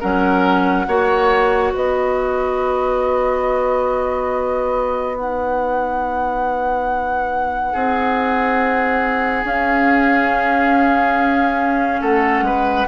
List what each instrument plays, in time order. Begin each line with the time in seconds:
0.00 bassoon F#3, clarinet C#4, oboe A#4, flute F#5
0.87 bassoon A#3, clarinet F#4, oboe C#5
1.74 bassoon B3, oboe B4, flute D#5
5.16 clarinet D#4, flute F#5
7.72 bassoon C4, oboe G#4
9.44 bassoon C#4, clarinet C#4, flute F5
12.01 bassoon A3, oboe A4, flute F#5
12.42 bassoon G#3, oboe B4